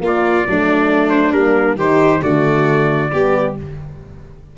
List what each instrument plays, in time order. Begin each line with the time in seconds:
0.00 tuba A#3, horn A#3, violin F4
0.06 trumpet D5
0.46 tuba F#3, horn A3, violin D4
1.10 trumpet C5
1.32 tuba G3, horn A#3, trumpet A#4
1.75 tuba D#3, horn D#4, violin G4, trumpet C5
2.21 tuba D3, horn A3, violin F#4, trumpet D5
3.11 tuba G3, horn B3, violin G4